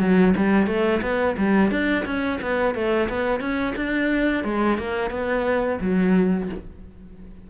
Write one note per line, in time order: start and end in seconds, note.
0.00 0.34 F#3
0.36 0.67 G3
0.67 1.01 A3
1.02 1.36 B3
1.38 1.70 G3
1.70 2.05 D4
2.05 2.39 C#4
2.41 2.75 B3
2.75 3.09 A3
3.09 3.40 B3
3.40 3.74 C#4
3.76 4.43 D4
4.43 4.78 G#3
4.78 5.10 A#3
5.10 5.79 B3
5.81 6.49 F#3